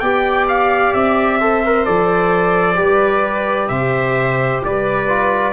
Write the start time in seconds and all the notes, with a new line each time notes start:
0.00 B3 G4 D5 G5
0.48 F5
0.93 C4 E5
1.40 A4 C5
1.66 A#4
1.85 F3 A4 D5
2.75 G3 G4 B4
3.69 C3 C5 E5
4.64 G3 B4 D5
5.08 F4